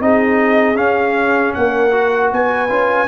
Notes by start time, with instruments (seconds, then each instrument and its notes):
0.00 tuba C4, trombone D#4, horn G#4, trumpet D#5
0.75 trombone C#4, tuba C#4, trumpet F5
1.54 tuba A#3, horn A#4, trumpet F#5
1.91 trombone F#4
2.32 tuba B3, horn B4, trumpet G#5
2.69 tuba C#4, trombone F4